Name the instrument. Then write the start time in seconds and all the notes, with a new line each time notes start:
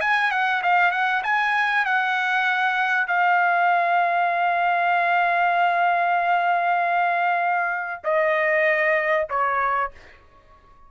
trumpet
0.00 G#5
0.31 F#5
0.62 F5
0.91 F#5
1.23 G#5
1.85 F#5
3.07 F5
8.04 D#5
9.29 C#5